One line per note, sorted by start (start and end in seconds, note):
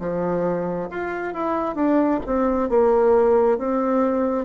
0.00 0.90 F3
0.90 1.34 F4
1.34 1.75 E4
1.75 2.20 D4
2.26 2.69 C4
2.69 3.58 A#3
3.58 4.45 C4